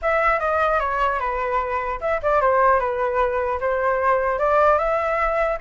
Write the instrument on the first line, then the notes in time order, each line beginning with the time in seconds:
flute
0.01 E5
0.39 D#5
0.79 C#5
1.19 B4
2.01 E5
2.22 D5
2.41 C5
2.79 B4
3.60 C5
4.38 D5
4.78 E5